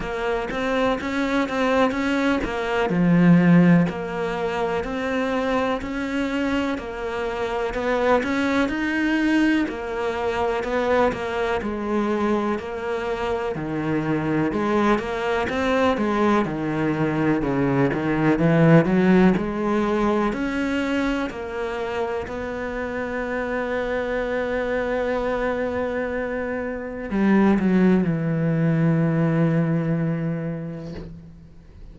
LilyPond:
\new Staff \with { instrumentName = "cello" } { \time 4/4 \tempo 4 = 62 ais8 c'8 cis'8 c'8 cis'8 ais8 f4 | ais4 c'4 cis'4 ais4 | b8 cis'8 dis'4 ais4 b8 ais8 | gis4 ais4 dis4 gis8 ais8 |
c'8 gis8 dis4 cis8 dis8 e8 fis8 | gis4 cis'4 ais4 b4~ | b1 | g8 fis8 e2. | }